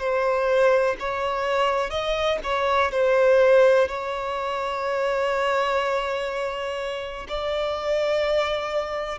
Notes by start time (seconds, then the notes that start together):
0.00 C5
1.00 C#5
1.90 D#5
2.44 C#5
2.92 C5
3.88 C#5
7.29 D5